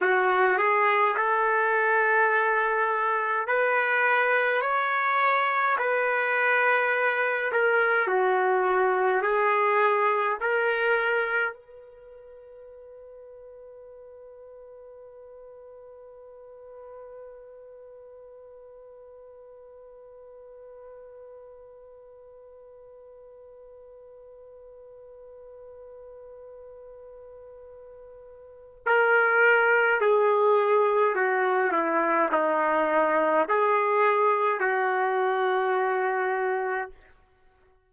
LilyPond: \new Staff \with { instrumentName = "trumpet" } { \time 4/4 \tempo 4 = 52 fis'8 gis'8 a'2 b'4 | cis''4 b'4. ais'8 fis'4 | gis'4 ais'4 b'2~ | b'1~ |
b'1~ | b'1~ | b'4 ais'4 gis'4 fis'8 e'8 | dis'4 gis'4 fis'2 | }